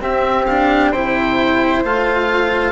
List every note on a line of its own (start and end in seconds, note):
0.00 0.45 C4
0.00 0.91 C4
0.00 0.91 G4
0.00 0.46 E5
0.46 0.95 D4
0.46 0.91 F5
0.91 1.81 C3
0.91 1.84 E4
0.91 2.72 C5
0.91 1.83 G5
1.84 2.72 A3
1.84 2.72 F4
1.84 2.72 F5